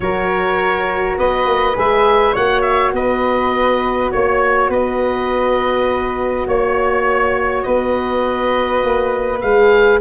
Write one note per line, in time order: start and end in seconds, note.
0.00 1.17 F#3
0.00 1.75 F#4
0.00 1.18 A#4
0.00 1.17 C#5
1.18 1.45 B3
1.18 2.33 B4
1.18 1.77 D#5
1.45 1.75 A#3
1.75 2.36 G#3
1.75 2.33 G#4
1.75 2.35 E5
2.33 2.93 A#3
2.33 9.42 F#4
2.33 2.92 C#5
2.33 2.61 F#5
2.61 2.91 E5
2.93 4.10 B3
2.93 4.12 B4
2.93 4.11 D#5
4.11 4.69 A#3
4.11 4.70 C#5
4.11 4.69 C#5
4.69 6.45 B3
4.69 6.46 B4
4.69 6.48 D#5
6.47 7.64 A#3
6.47 7.65 C#5
6.47 7.62 C#5
7.62 8.83 B3
7.62 10.00 B4
7.62 9.39 D#5
8.83 9.42 A#3
9.40 10.00 G#3
9.40 10.00 G#4
9.40 9.99 F5